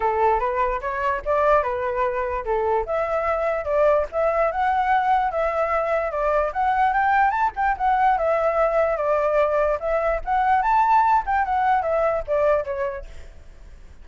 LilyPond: \new Staff \with { instrumentName = "flute" } { \time 4/4 \tempo 4 = 147 a'4 b'4 cis''4 d''4 | b'2 a'4 e''4~ | e''4 d''4 e''4 fis''4~ | fis''4 e''2 d''4 |
fis''4 g''4 a''8 g''8 fis''4 | e''2 d''2 | e''4 fis''4 a''4. g''8 | fis''4 e''4 d''4 cis''4 | }